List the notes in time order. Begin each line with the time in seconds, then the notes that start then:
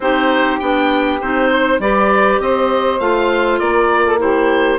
0.00 C4 D#4 G4 C5
0.59 B3 D4 G5
1.21 C4 D#4 C5
1.50 C5
1.79 G3 G4 B4 D5
2.40 C4 C5 D#5
2.99 A3 F4 F5
3.59 A#3 A#4 D5
4.05 A4
4.17 E4 G4 C5